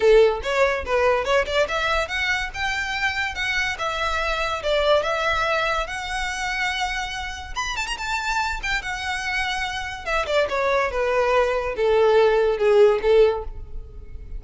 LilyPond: \new Staff \with { instrumentName = "violin" } { \time 4/4 \tempo 4 = 143 a'4 cis''4 b'4 cis''8 d''8 | e''4 fis''4 g''2 | fis''4 e''2 d''4 | e''2 fis''2~ |
fis''2 b''8 a''16 ais''16 a''4~ | a''8 g''8 fis''2. | e''8 d''8 cis''4 b'2 | a'2 gis'4 a'4 | }